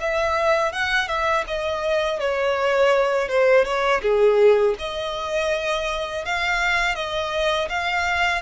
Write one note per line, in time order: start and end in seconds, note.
0.00 0.72 E5
0.72 1.07 F#5
1.07 1.44 E5
1.47 2.19 D#5
2.19 3.28 C#5
3.28 3.64 C5
3.64 4.01 C#5
4.01 4.75 G#4
4.79 6.25 D#5
6.25 6.95 F5
6.95 7.68 D#5
7.69 8.41 F5